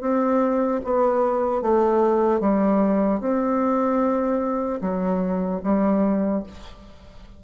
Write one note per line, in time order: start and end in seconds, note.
0.00 0.80 C4
0.84 1.61 B3
1.61 2.40 A3
2.40 3.20 G3
3.20 4.80 C4
4.81 5.61 F#3
5.63 6.43 G3